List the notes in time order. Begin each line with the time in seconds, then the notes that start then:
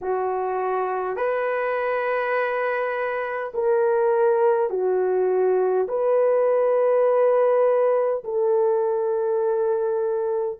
0.01 F#4
1.16 B4
3.53 A#4
4.70 F#4
5.88 B4
8.24 A4